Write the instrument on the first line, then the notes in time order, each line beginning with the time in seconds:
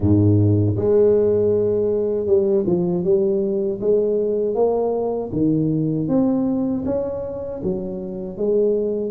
tuba
0.00 G#2
0.76 G#3
2.26 G3
2.66 F3
3.03 G3
3.80 G#3
4.55 A#3
5.32 D#3
6.08 C4
6.85 C#4
7.63 F#3
8.37 G#3